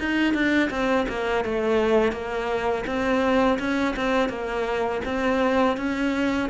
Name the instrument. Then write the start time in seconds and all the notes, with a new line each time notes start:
cello
0.00 D#4
0.34 D4
0.70 C4
1.09 A#3
1.45 A3
2.12 A#3
2.87 C4
3.59 C#4
3.96 C4
4.29 A#3
5.05 C4
5.77 C#4